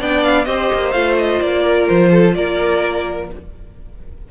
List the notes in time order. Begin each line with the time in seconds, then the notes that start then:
0.00 B3 D4 D5 G5
0.24 F5
0.45 C4 G4 C5 D#5
0.74 A#3
0.92 A3 F4 F5
1.18 D#5
1.41 A#3 D5
1.63 A#4
1.88 F3 C5
2.12 A4
2.35 A#3 A#4 D5